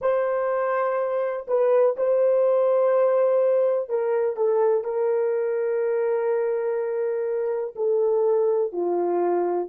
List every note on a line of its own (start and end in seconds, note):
0.01 1.46 C5
1.47 1.96 B4
1.96 3.89 C5
3.89 4.36 A#4
4.36 4.84 A4
4.84 7.74 A#4
7.75 8.72 A4
8.72 9.69 F4